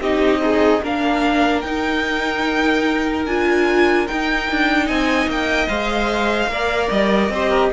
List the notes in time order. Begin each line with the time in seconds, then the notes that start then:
0.00 C4 D#4 G4 D#5
0.41 D#4 G#4
0.82 A#3 D4 A#4 F5
1.61 D#4 G5
3.26 D4 F4 G#5
4.07 D#4 G5
4.51 D4
4.85 C4 D#5 G#5
5.26 A#3 G5
5.68 G#3 C5 F5
6.47 A#3 A#4 D5
6.90 G3 D#5
7.29 C4 G4 C5
7.49 A#4